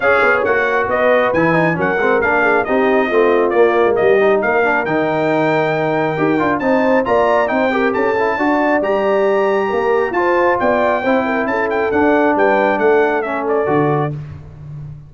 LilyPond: <<
  \new Staff \with { instrumentName = "trumpet" } { \time 4/4 \tempo 4 = 136 f''4 fis''4 dis''4 gis''4 | fis''4 f''4 dis''2 | d''4 dis''4 f''4 g''4~ | g''2. a''4 |
ais''4 g''4 a''2 | ais''2. a''4 | g''2 a''8 g''8 fis''4 | g''4 fis''4 e''8 d''4. | }
  \new Staff \with { instrumentName = "horn" } { \time 4/4 cis''2 b'2 | ais'4. gis'8 g'4 f'4~ | f'4 g'4 ais'2~ | ais'2. c''4 |
d''4 c''8 ais'8 a'4 d''4~ | d''2 ais'4 c''4 | d''4 c''8 ais'8 a'2 | b'4 a'2. | }
  \new Staff \with { instrumentName = "trombone" } { \time 4/4 gis'4 fis'2 e'8 dis'8 | cis'8 c'8 d'4 dis'4 c'4 | ais4. dis'4 d'8 dis'4~ | dis'2 g'8 f'8 dis'4 |
f'4 dis'8 g'4 e'8 fis'4 | g'2. f'4~ | f'4 e'2 d'4~ | d'2 cis'4 fis'4 | }
  \new Staff \with { instrumentName = "tuba" } { \time 4/4 cis'8 b8 ais4 b4 e4 | fis8 gis8 ais4 c'4 a4 | ais8. gis16 g4 ais4 dis4~ | dis2 dis'8 d'8 c'4 |
ais4 c'4 cis'4 d'4 | g2 ais4 f'4 | b4 c'4 cis'4 d'4 | g4 a2 d4 | }
>>